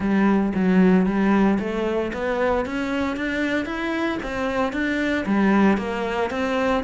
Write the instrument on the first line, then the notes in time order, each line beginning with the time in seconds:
cello
0.00 G3
0.55 F#3
1.06 G3
1.59 A3
2.13 B3
2.65 C#4
3.16 D4
3.65 E4
4.22 C4
4.72 D4
5.26 G3
5.77 A#3
6.30 C4